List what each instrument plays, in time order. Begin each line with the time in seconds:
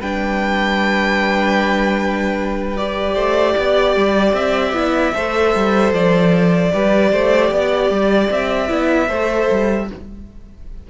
0.00 cello G3, viola D4, violin B4 G5
2.77 viola G4, violin D5
3.14 cello A3, violin C5
3.58 cello B3, violin D5
3.96 cello G3
4.33 cello C4, violin E5
4.73 cello B3, viola E4
5.15 cello A3, viola A4, violin C5
5.55 cello G3
5.93 cello F3, violin D5
6.74 cello G3, viola G4, violin B4
7.12 cello A3, violin C5
7.51 cello B3, violin D5
7.90 cello G3
8.31 cello C4, violin E5
8.69 cello B3, viola E4
9.08 cello A3, viola A4, violin C5
9.51 cello G3